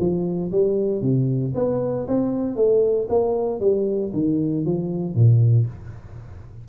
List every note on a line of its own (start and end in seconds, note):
0.00 0.52 F3
0.52 1.02 G3
1.02 1.54 C3
1.55 2.07 B3
2.08 2.56 C4
2.56 3.08 A3
3.10 3.61 A#3
3.61 4.12 G3
4.14 4.66 D#3
4.66 5.15 F3
5.15 5.67 A#2